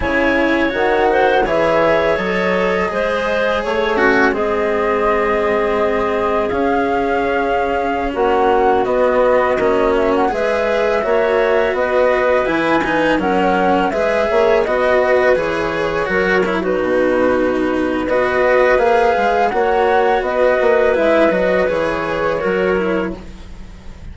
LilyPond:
<<
  \new Staff \with { instrumentName = "flute" } { \time 4/4 \tempo 4 = 83 gis''4 fis''4 e''4 dis''4~ | dis''4 cis''4 dis''2~ | dis''4 f''2~ f''16 fis''8.~ | fis''16 dis''4. e''16 fis''16 e''4.~ e''16~ |
e''16 dis''4 gis''4 fis''4 e''8.~ | e''16 dis''4 cis''4.~ cis''16 b'4~ | b'4 dis''4 f''4 fis''4 | dis''4 e''8 dis''8 cis''2 | }
  \new Staff \with { instrumentName = "clarinet" } { \time 4/4 cis''4. c''8 cis''2 | c''4 cis''8 cis'8 gis'2~ | gis'2.~ gis'16 fis'8.~ | fis'2~ fis'16 b'4 cis''8.~ |
cis''16 b'2 ais'4 b'8 cis''16~ | cis''16 dis''8 b'4. ais'8. fis'4~ | fis'4 b'2 cis''4 | b'2. ais'4 | }
  \new Staff \with { instrumentName = "cello" } { \time 4/4 e'4 fis'4 gis'4 a'4 | gis'4. fis'8 c'2~ | c'4 cis'2.~ | cis'16 b4 cis'4 gis'4 fis'8.~ |
fis'4~ fis'16 e'8 dis'8 cis'4 gis'8.~ | gis'16 fis'4 gis'4 fis'8 e'16 dis'4~ | dis'4 fis'4 gis'4 fis'4~ | fis'4 e'8 fis'8 gis'4 fis'8 e'8 | }
  \new Staff \with { instrumentName = "bassoon" } { \time 4/4 cis4 dis4 e4 fis4 | gis4 a4 gis2~ | gis4 cis'2~ cis'16 ais8.~ | ais16 b4 ais4 gis4 ais8.~ |
ais16 b4 e4 fis4 gis8 ais16~ | ais16 b4 e4 fis4 b,8.~ | b,4 b4 ais8 gis8 ais4 | b8 ais8 gis8 fis8 e4 fis4 | }
>>